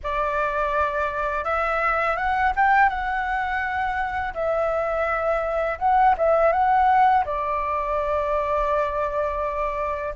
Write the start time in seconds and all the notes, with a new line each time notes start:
0.03 D5
1.44 E5
2.16 F#5
2.56 G5
2.89 F#5
4.33 E5
5.78 F#5
6.17 E5
6.52 F#5
7.25 D5